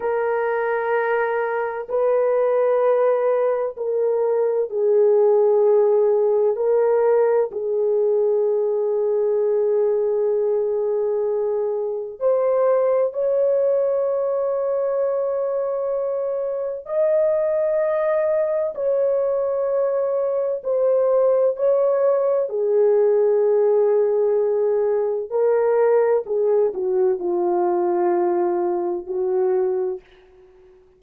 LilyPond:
\new Staff \with { instrumentName = "horn" } { \time 4/4 \tempo 4 = 64 ais'2 b'2 | ais'4 gis'2 ais'4 | gis'1~ | gis'4 c''4 cis''2~ |
cis''2 dis''2 | cis''2 c''4 cis''4 | gis'2. ais'4 | gis'8 fis'8 f'2 fis'4 | }